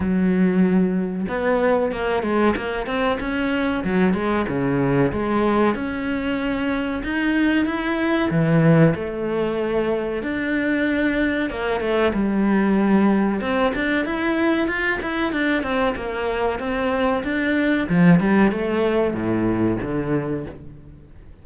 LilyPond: \new Staff \with { instrumentName = "cello" } { \time 4/4 \tempo 4 = 94 fis2 b4 ais8 gis8 | ais8 c'8 cis'4 fis8 gis8 cis4 | gis4 cis'2 dis'4 | e'4 e4 a2 |
d'2 ais8 a8 g4~ | g4 c'8 d'8 e'4 f'8 e'8 | d'8 c'8 ais4 c'4 d'4 | f8 g8 a4 a,4 d4 | }